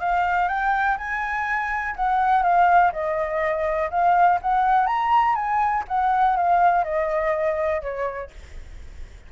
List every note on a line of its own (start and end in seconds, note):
0.00 0.48 F5
0.48 0.97 G5
0.97 1.95 G#5
1.96 2.43 F#5
2.43 2.91 F5
2.92 3.90 D#5
3.90 4.39 F5
4.41 4.86 F#5
4.86 5.35 A#5
5.35 5.84 G#5
5.88 6.36 F#5
6.36 6.84 F5
6.84 7.81 D#5
7.81 8.30 C#5